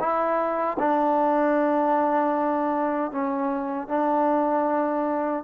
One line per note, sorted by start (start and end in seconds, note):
0.00 0.78 E4
0.79 3.12 D4
3.12 3.89 C#4
3.89 5.44 D4